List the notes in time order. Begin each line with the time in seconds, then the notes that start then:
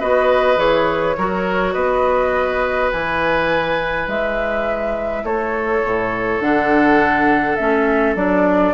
0.00 B3 F#4 B4 D#5
0.57 E3 G#4 C#5
1.17 F#3 F#4 A#4
1.73 B3 B4 D#5
2.92 E3 E4 G#5
4.08 G#3 E5
5.24 A3 A4 C#5
5.85 A2
6.41 D3 D4 F#5
7.56 A3 C#4 E5
8.15 F#3 D4 D5